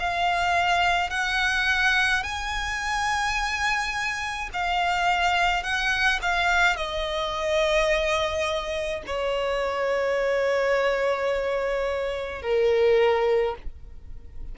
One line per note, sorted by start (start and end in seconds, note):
0.00 1.10 F5
1.10 2.23 F#5
2.24 4.50 G#5
4.54 5.63 F5
5.63 6.20 F#5
6.23 6.77 F5
6.77 9.03 D#5
9.07 12.42 C#5
12.42 13.55 A#4